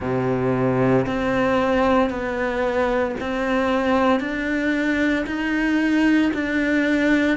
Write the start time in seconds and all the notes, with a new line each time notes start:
0.00 C3
1.06 C4
2.10 B3
3.20 C4
4.20 D4
5.26 D#4
6.33 D4